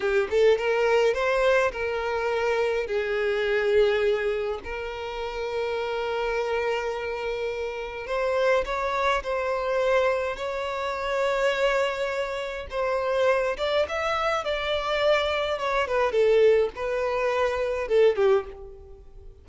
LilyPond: \new Staff \with { instrumentName = "violin" } { \time 4/4 \tempo 4 = 104 g'8 a'8 ais'4 c''4 ais'4~ | ais'4 gis'2. | ais'1~ | ais'2 c''4 cis''4 |
c''2 cis''2~ | cis''2 c''4. d''8 | e''4 d''2 cis''8 b'8 | a'4 b'2 a'8 g'8 | }